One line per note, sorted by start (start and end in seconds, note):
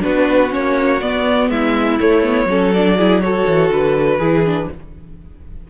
0.00 0.54 B3
0.00 0.49 D4
0.00 1.51 F#4
0.00 0.53 B4
0.51 1.02 A#3
0.51 1.00 C#4
0.51 1.01 C#5
1.01 1.50 B3
1.01 2.00 B3
1.01 1.50 D5
1.50 1.99 G#3
1.50 2.49 E4
1.50 2.00 E5
2.00 2.23 A3
2.00 2.46 A3
2.00 2.74 C#5
2.23 2.48 B3
2.46 3.44 F#3
2.46 2.74 C#4
2.46 2.98 A4
2.74 2.99 D4
2.74 3.21 D5
2.98 3.23 E4
2.98 3.23 G#4
3.21 4.21 F#4
3.21 4.19 A4
3.21 3.70 C#5
3.48 3.70 E3
3.70 4.19 D3
3.70 4.71 B4
4.19 4.68 E3
4.19 4.45 E4
4.19 4.68 G#4
4.46 4.71 D4